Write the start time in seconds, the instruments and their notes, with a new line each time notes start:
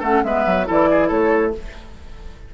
0.00 bassoon A3, clarinet C#4, oboe A4, flute F#5
0.24 bassoon G#3, clarinet B3, oboe B4, flute E5
0.46 bassoon F#3
0.66 bassoon E3, clarinet E4, oboe A4, flute D5
0.91 oboe G#4
1.08 bassoon A3, oboe A4, flute C#5